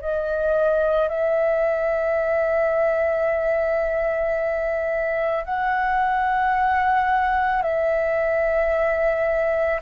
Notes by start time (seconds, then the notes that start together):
0.00 D#5
1.08 E5
5.44 F#5
7.62 E5